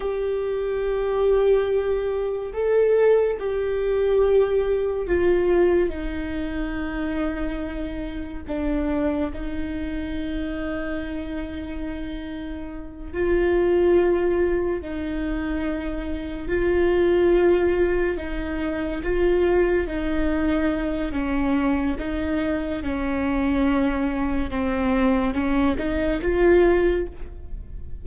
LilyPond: \new Staff \with { instrumentName = "viola" } { \time 4/4 \tempo 4 = 71 g'2. a'4 | g'2 f'4 dis'4~ | dis'2 d'4 dis'4~ | dis'2.~ dis'8 f'8~ |
f'4. dis'2 f'8~ | f'4. dis'4 f'4 dis'8~ | dis'4 cis'4 dis'4 cis'4~ | cis'4 c'4 cis'8 dis'8 f'4 | }